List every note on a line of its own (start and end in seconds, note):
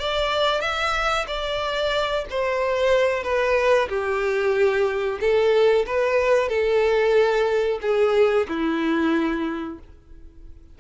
0.00 0.61 D5
0.61 1.26 E5
1.28 2.26 D5
2.30 3.23 C5
3.23 3.89 B4
3.89 5.19 G4
5.21 5.86 A4
5.87 6.49 B4
6.49 7.79 A4
7.82 8.47 G#4
8.49 9.79 E4